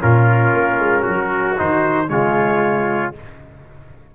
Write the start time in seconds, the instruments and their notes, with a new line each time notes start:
0.00 tuba A#2, trombone C#4, trumpet F4 A#4
0.53 tuba A#3
0.79 tuba G#3
1.02 trumpet F#4
1.08 tuba F#3
1.58 tuba D#3, trombone D#4, trumpet C5
2.08 tuba C#3, trombone G#3, trumpet F4 C#5